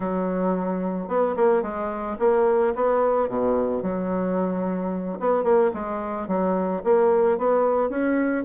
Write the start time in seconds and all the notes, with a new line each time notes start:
0.00 F#3
1.08 B3
1.36 A#3
1.62 G#3
2.19 A#3
2.75 B3
3.28 B2
3.82 F#3
5.19 B3
5.43 A#3
5.73 G#3
6.27 F#3
6.84 A#3
7.38 B3
7.89 C#4